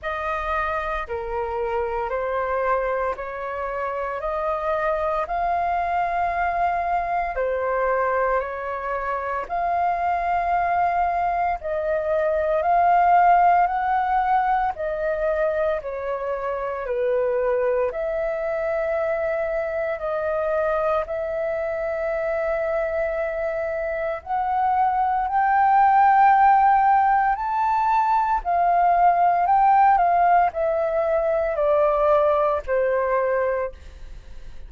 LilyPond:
\new Staff \with { instrumentName = "flute" } { \time 4/4 \tempo 4 = 57 dis''4 ais'4 c''4 cis''4 | dis''4 f''2 c''4 | cis''4 f''2 dis''4 | f''4 fis''4 dis''4 cis''4 |
b'4 e''2 dis''4 | e''2. fis''4 | g''2 a''4 f''4 | g''8 f''8 e''4 d''4 c''4 | }